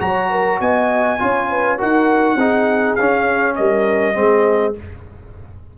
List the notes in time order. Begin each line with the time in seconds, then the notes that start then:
0.00 F#3 F#4 C#5 A#5
0.30 A#4
0.60 B3 D#5 G#5
1.18 C#4 F4 C#5
1.49 B4
1.78 D#4 F#4 A#4 F#5
2.35 C4 D#4 G#4
2.95 C#4 F5
3.55 G3 A#4 D#5
4.13 G#3 C4 G#4